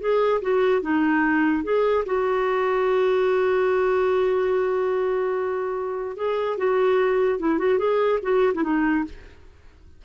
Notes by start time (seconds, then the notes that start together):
0.00 G#4
0.42 F#4
0.81 D#4
1.63 G#4
2.05 F#4
6.16 G#4
6.58 F#4
7.39 E4
7.58 F#4
7.78 G#4
8.22 F#4
8.54 E4
8.63 D#4